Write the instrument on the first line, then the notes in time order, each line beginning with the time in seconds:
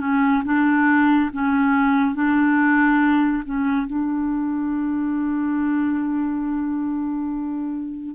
clarinet
0.00 C#4
0.45 D4
1.32 C#4
2.15 D4
3.45 C#4
3.86 D4